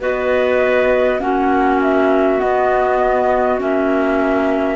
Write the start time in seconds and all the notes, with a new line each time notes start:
0.00 B3 F#4 B4 D#5
1.19 A#3 C#4 F#4 F#5
1.81 E5
2.38 B3 D#5
3.58 A#3 C#4 E5